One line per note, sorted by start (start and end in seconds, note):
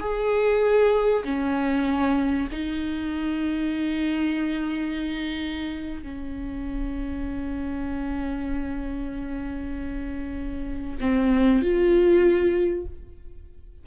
0.00 1.24 G#4
1.24 2.48 C#4
2.52 6.03 D#4
6.03 10.97 C#4
11.00 11.62 C4
11.62 12.86 F4